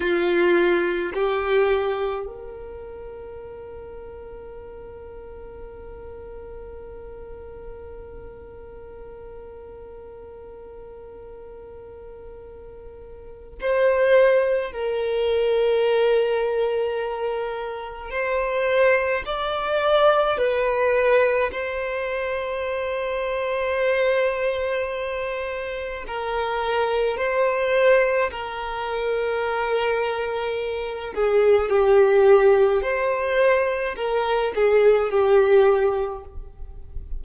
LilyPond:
\new Staff \with { instrumentName = "violin" } { \time 4/4 \tempo 4 = 53 f'4 g'4 ais'2~ | ais'1~ | ais'1 | c''4 ais'2. |
c''4 d''4 b'4 c''4~ | c''2. ais'4 | c''4 ais'2~ ais'8 gis'8 | g'4 c''4 ais'8 gis'8 g'4 | }